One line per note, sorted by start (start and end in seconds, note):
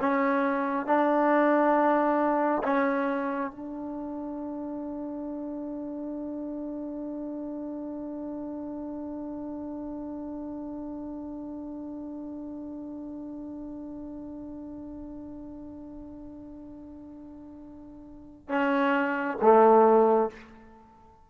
0.00 0.86 C#4
0.86 2.63 D4
2.64 3.51 C#4
3.51 18.49 D4
18.49 19.37 C#4
19.42 20.30 A3